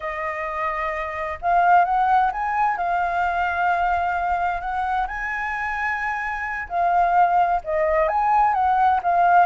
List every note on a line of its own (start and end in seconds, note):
0.00 1.38 D#5
1.41 1.85 F5
1.85 2.31 F#5
2.32 2.77 G#5
2.77 4.60 F5
4.60 5.06 F#5
5.07 6.68 G#5
6.69 7.61 F5
7.64 8.08 D#5
8.08 8.54 G#5
8.54 9.00 F#5
9.03 9.46 F5